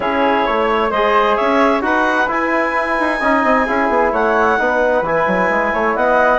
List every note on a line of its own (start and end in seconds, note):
0.00 0.44 C#4
0.00 0.90 E4
0.00 0.46 G#4
0.00 0.90 C#5
0.46 0.91 A3
0.46 0.91 C#5
0.90 1.37 G#3
0.90 1.81 G#4
0.90 1.36 C5
0.90 1.36 D#5
1.36 1.82 C#4
1.36 1.82 C#5
1.36 1.81 E5
1.81 2.27 D#4
1.81 2.27 F#4
1.81 3.19 B4
1.81 2.29 F#5
2.28 3.19 E4
2.28 2.97 E4
2.28 4.13 G#5
2.99 3.20 D#4
3.19 3.43 C#4
3.19 3.67 D#4
3.19 3.65 D#5
3.43 3.66 C4
3.65 3.88 C#4
3.65 4.58 E4
3.65 4.11 G#4
3.88 4.11 B3
4.12 4.58 A3
4.12 4.58 C#5
4.12 5.05 F#5
4.58 5.01 B3
4.58 5.04 D#4
4.58 5.73 B4
5.01 5.24 E3
5.01 6.38 E4
5.01 5.95 G#5
5.27 5.49 F#3
5.49 5.72 G#3
5.73 5.95 A3
5.73 5.96 C#5
5.95 6.38 B3
5.95 6.38 D#5
5.95 6.38 F#5